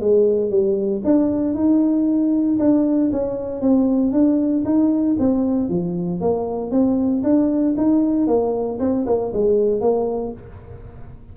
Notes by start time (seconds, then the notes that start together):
0.00 G#3
0.50 G3
1.05 D4
1.54 D#4
2.59 D4
3.12 C#4
3.61 C4
4.12 D4
4.65 D#4
5.19 C4
5.69 F3
6.21 A#3
6.71 C4
7.23 D4
7.77 D#4
8.27 A#3
8.80 C4
9.06 A#3
9.33 G#3
9.81 A#3